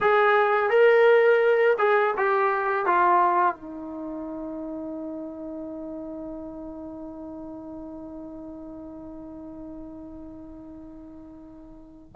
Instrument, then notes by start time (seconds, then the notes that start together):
trombone
0.01 G#4
0.70 A#4
1.78 G#4
2.17 G4
2.86 F4
3.55 D#4